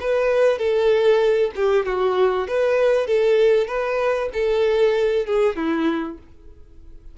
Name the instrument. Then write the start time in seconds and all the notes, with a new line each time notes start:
violin
0.00 B4
0.58 A4
1.55 G4
1.85 F#4
2.47 B4
3.07 A4
3.67 B4
4.33 A4
5.26 G#4
5.56 E4